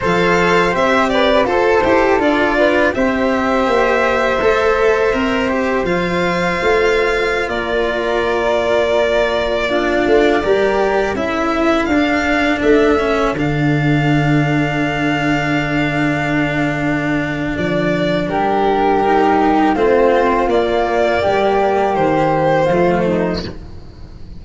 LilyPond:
<<
  \new Staff \with { instrumentName = "violin" } { \time 4/4 \tempo 4 = 82 f''4 e''8 d''8 c''4 d''4 | e''1 | f''2~ f''16 d''4.~ d''16~ | d''2.~ d''16 e''8.~ |
e''16 f''4 e''4 f''4.~ f''16~ | f''1 | d''4 ais'2 c''4 | d''2 c''2 | }
  \new Staff \with { instrumentName = "flute" } { \time 4/4 c''4. b'8 a'4. b'8 | c''1~ | c''2~ c''16 ais'4.~ ais'16~ | ais'4~ ais'16 f'4 ais'4 a'8.~ |
a'1~ | a'1~ | a'4 g'2 f'4~ | f'4 g'2 f'8 dis'8 | }
  \new Staff \with { instrumentName = "cello" } { \time 4/4 a'4 g'4 a'8 g'8 f'4 | g'2 a'4 ais'8 g'8 | f'1~ | f'4~ f'16 d'4 g'4 e'8.~ |
e'16 d'4. cis'8 d'4.~ d'16~ | d'1~ | d'2 dis'4 c'4 | ais2. a4 | }
  \new Staff \with { instrumentName = "tuba" } { \time 4/4 f4 c'4 f'8 e'8 d'4 | c'4 ais4 a4 c'4 | f4 a4~ a16 ais4.~ ais16~ | ais4.~ ais16 a8 g4 cis'8.~ |
cis'16 d'4 a4 d4.~ d16~ | d1 | f4 g2 a4 | ais4 g4 dis4 f4 | }
>>